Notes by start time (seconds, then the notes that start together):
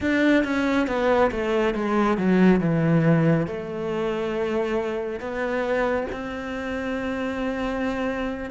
0.00 D4
0.43 C#4
0.87 B3
1.31 A3
1.74 G#3
2.17 F#3
2.60 E3
3.46 A3
5.20 B3
6.11 C4